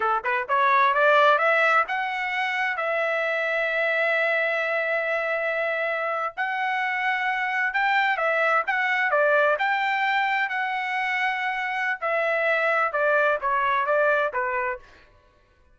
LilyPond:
\new Staff \with { instrumentName = "trumpet" } { \time 4/4 \tempo 4 = 130 a'8 b'8 cis''4 d''4 e''4 | fis''2 e''2~ | e''1~ | e''4.~ e''16 fis''2~ fis''16~ |
fis''8. g''4 e''4 fis''4 d''16~ | d''8. g''2 fis''4~ fis''16~ | fis''2 e''2 | d''4 cis''4 d''4 b'4 | }